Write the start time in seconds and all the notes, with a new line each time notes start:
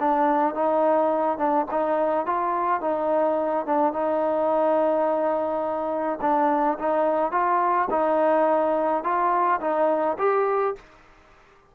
0.00 D4
0.55 D#4
1.38 D4
1.71 D#4
2.26 F4
2.81 D#4
3.66 D4
3.93 D#4
6.22 D4
6.80 D#4
7.32 F4
7.91 D#4
9.04 F4
9.61 D#4
10.19 G4